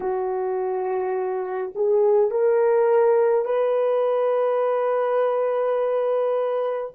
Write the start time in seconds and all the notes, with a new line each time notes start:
0.00 F#4
1.75 G#4
2.30 A#4
3.45 B4